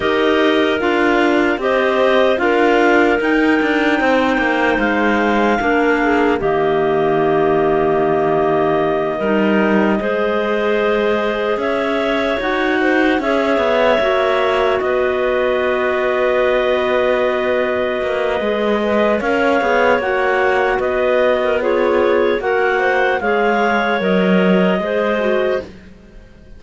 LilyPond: <<
  \new Staff \with { instrumentName = "clarinet" } { \time 4/4 \tempo 4 = 75 dis''4 f''4 dis''4 f''4 | g''2 f''2 | dis''1~ | dis''2~ dis''8 e''4 fis''8~ |
fis''8 e''2 dis''4.~ | dis''1 | f''4 fis''4 dis''4 cis''4 | fis''4 f''4 dis''2 | }
  \new Staff \with { instrumentName = "clarinet" } { \time 4/4 ais'2 c''4 ais'4~ | ais'4 c''2 ais'8 gis'8 | g'2.~ g'8 ais'8~ | ais'8 c''2 cis''4. |
c''8 cis''2 b'4.~ | b'2.~ b'8 dis''8 | cis''2 b'8. ais'16 gis'4 | ais'8 c''8 cis''2 c''4 | }
  \new Staff \with { instrumentName = "clarinet" } { \time 4/4 g'4 f'4 g'4 f'4 | dis'2. d'4 | ais2.~ ais8 dis'8~ | dis'8 gis'2. fis'8~ |
fis'8 gis'4 fis'2~ fis'8~ | fis'2. gis'8 b'8 | ais'8 gis'8 fis'2 f'4 | fis'4 gis'4 ais'4 gis'8 fis'8 | }
  \new Staff \with { instrumentName = "cello" } { \time 4/4 dis'4 d'4 c'4 d'4 | dis'8 d'8 c'8 ais8 gis4 ais4 | dis2.~ dis8 g8~ | g8 gis2 cis'4 dis'8~ |
dis'8 cis'8 b8 ais4 b4.~ | b2~ b8 ais8 gis4 | cis'8 b8 ais4 b2 | ais4 gis4 fis4 gis4 | }
>>